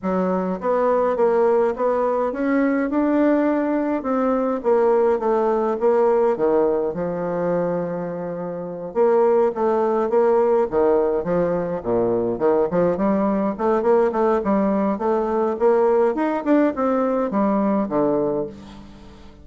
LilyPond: \new Staff \with { instrumentName = "bassoon" } { \time 4/4 \tempo 4 = 104 fis4 b4 ais4 b4 | cis'4 d'2 c'4 | ais4 a4 ais4 dis4 | f2.~ f8 ais8~ |
ais8 a4 ais4 dis4 f8~ | f8 ais,4 dis8 f8 g4 a8 | ais8 a8 g4 a4 ais4 | dis'8 d'8 c'4 g4 d4 | }